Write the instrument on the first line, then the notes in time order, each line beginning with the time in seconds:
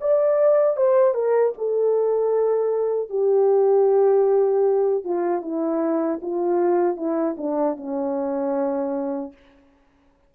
horn
0.00 D5
0.77 C5
1.14 A#4
1.58 A4
3.09 G4
5.04 F4
5.42 E4
6.22 F4
6.96 E4
7.37 D4
7.76 C#4